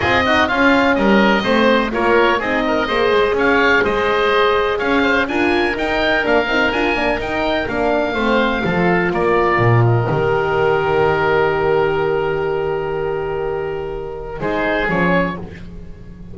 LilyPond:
<<
  \new Staff \with { instrumentName = "oboe" } { \time 4/4 \tempo 4 = 125 dis''4 f''4 dis''2 | cis''4 dis''2 f''4 | dis''2 f''4 gis''4 | g''4 f''4 gis''4 g''4 |
f''2. d''4~ | d''8 dis''2.~ dis''8~ | dis''1~ | dis''2 c''4 cis''4 | }
  \new Staff \with { instrumentName = "oboe" } { \time 4/4 gis'8 fis'8 f'4 ais'4 c''4 | ais'4 gis'8 ais'8 c''4 cis''4 | c''2 cis''8 c''8 ais'4~ | ais'1~ |
ais'4 c''4 a'4 ais'4~ | ais'1~ | ais'1~ | ais'2 gis'2 | }
  \new Staff \with { instrumentName = "horn" } { \time 4/4 f'8 dis'8 cis'2 c'4 | f'4 dis'4 gis'2~ | gis'2. f'4 | dis'4 d'8 dis'8 f'8 d'8 dis'4 |
d'4 c'4 f'2~ | f'4 g'2.~ | g'1~ | g'2 dis'4 cis'4 | }
  \new Staff \with { instrumentName = "double bass" } { \time 4/4 c'4 cis'4 g4 a4 | ais4 c'4 ais8 gis8 cis'4 | gis2 cis'4 d'4 | dis'4 ais8 c'8 d'8 ais8 dis'4 |
ais4 a4 f4 ais4 | ais,4 dis2.~ | dis1~ | dis2 gis4 f4 | }
>>